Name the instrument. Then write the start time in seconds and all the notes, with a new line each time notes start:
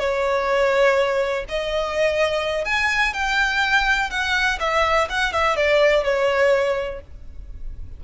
violin
0.00 C#5
1.49 D#5
2.65 G#5
3.14 G5
4.11 F#5
4.60 E5
5.10 F#5
5.33 E5
5.56 D5
6.04 C#5